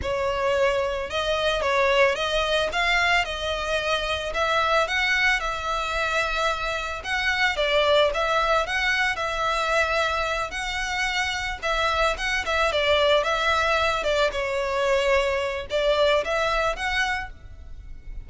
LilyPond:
\new Staff \with { instrumentName = "violin" } { \time 4/4 \tempo 4 = 111 cis''2 dis''4 cis''4 | dis''4 f''4 dis''2 | e''4 fis''4 e''2~ | e''4 fis''4 d''4 e''4 |
fis''4 e''2~ e''8 fis''8~ | fis''4. e''4 fis''8 e''8 d''8~ | d''8 e''4. d''8 cis''4.~ | cis''4 d''4 e''4 fis''4 | }